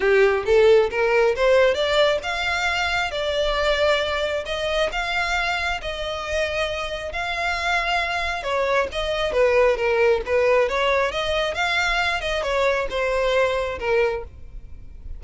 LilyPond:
\new Staff \with { instrumentName = "violin" } { \time 4/4 \tempo 4 = 135 g'4 a'4 ais'4 c''4 | d''4 f''2 d''4~ | d''2 dis''4 f''4~ | f''4 dis''2. |
f''2. cis''4 | dis''4 b'4 ais'4 b'4 | cis''4 dis''4 f''4. dis''8 | cis''4 c''2 ais'4 | }